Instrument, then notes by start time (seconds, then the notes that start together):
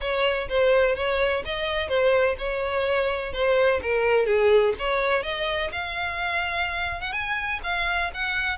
violin
0.00 C#5
0.48 C5
0.95 C#5
1.45 D#5
1.88 C5
2.38 C#5
3.32 C5
3.82 A#4
4.26 G#4
4.78 C#5
5.23 D#5
5.71 F5
7.01 F#5
7.12 G#5
7.63 F5
8.14 F#5